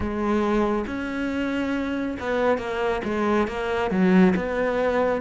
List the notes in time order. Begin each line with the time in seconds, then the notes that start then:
0.00 G#3
0.87 C#4
2.19 B3
2.58 A#3
3.04 G#3
3.47 A#3
3.90 F#3
4.36 B3